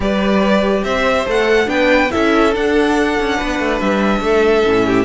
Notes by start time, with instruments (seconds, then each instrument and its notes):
0.00 cello G3, viola G4, violin B4 D5
0.83 cello C4, violin C5 E5
1.26 cello A3, viola A4, violin F#5
1.66 cello B3, viola D4, violin B4 G5
2.11 cello C#4, viola E4, violin A4 E5
2.53 viola D4, cello D4, violin F#5
3.19 cello C#4
3.36 cello B3, violin B4
3.59 cello A3
3.80 cello G3, violin E5
4.20 cello A3, violin A4
4.64 cello A2, viola C#4
4.86 violin G4